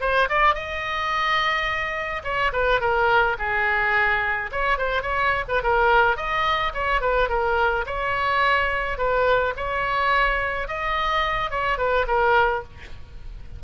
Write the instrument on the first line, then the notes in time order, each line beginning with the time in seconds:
oboe
0.00 C5
0.29 D5
0.54 D#5
2.24 C#5
2.52 B4
2.80 A#4
3.38 G#4
4.51 C#5
4.77 C5
5.02 C#5
5.48 B4
5.63 A#4
6.16 D#5
6.73 C#5
7.01 B4
7.28 A#4
7.86 C#5
8.97 B4
9.56 C#5
10.67 D#5
11.50 C#5
11.78 B4
12.07 A#4